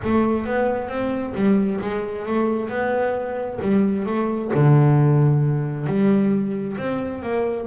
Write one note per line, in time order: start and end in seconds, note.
0.03 0.45 A3
0.45 0.88 B3
0.88 1.33 C4
1.35 1.80 G3
1.80 2.26 G#3
2.26 2.69 A3
2.69 3.59 B3
3.61 4.05 G3
4.05 4.51 A3
4.54 5.86 D3
5.86 6.77 G3
6.77 7.22 C4
7.22 7.67 A#3